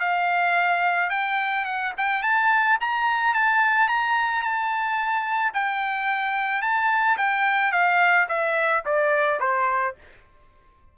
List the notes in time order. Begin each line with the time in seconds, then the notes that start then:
0.00 F5
1.10 G5
1.65 F#5
1.97 G5
2.23 A5
2.81 A#5
3.35 A5
3.88 A#5
4.42 A5
5.54 G5
6.62 A5
7.18 G5
7.72 F5
8.29 E5
8.86 D5
9.40 C5